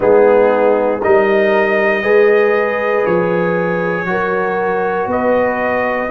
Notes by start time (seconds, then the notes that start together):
0.00 G#3 B3 D#4 G#4
1.00 G3 D#4 A#4 D#5
2.02 G#3 G#4 B4
3.06 F3 C#5
4.05 F#3 F#4 A#4
5.07 B3 B4 D#5